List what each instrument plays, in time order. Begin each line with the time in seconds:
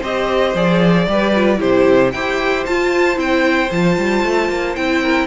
0.00 cello C4, viola G4, violin C5 D#5
0.54 cello F3, viola G#4, violin D5
1.07 cello G3, viola G4, violin B4
1.35 viola F4
1.57 cello C3, viola E4, violin G4 C5
2.11 cello E4, viola G4, violin C5 G5
2.65 viola F4, cello F4, violin A5
3.15 cello C4, viola E4, violin G5
3.70 cello F3, viola F4, violin A5
3.98 cello G3
4.23 cello A3
4.49 cello A#3
4.75 cello C4, viola E4, violin G5
5.02 violin A#4